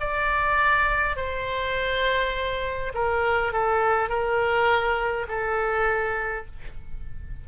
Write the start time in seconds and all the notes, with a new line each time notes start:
0.00 D5
1.16 C5
2.94 A#4
3.52 A4
4.09 A#4
5.28 A4